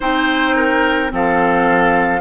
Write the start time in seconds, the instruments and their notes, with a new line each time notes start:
0.00 bassoon C4, clarinet D#4, oboe C5, flute G5
0.56 oboe A#4
1.09 bassoon F3, clarinet C4, oboe A4, flute F5